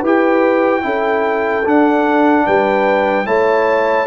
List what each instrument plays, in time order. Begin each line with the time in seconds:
0.00 tuba E4, trombone G4, horn B4, trumpet G5
0.82 tuba C#4, trombone E4, horn A4
1.65 tuba D4, trombone D4, trumpet F#5
2.46 tuba G3, horn B4, trumpet G5
3.25 tuba A3, trombone E4, horn C#5, trumpet A5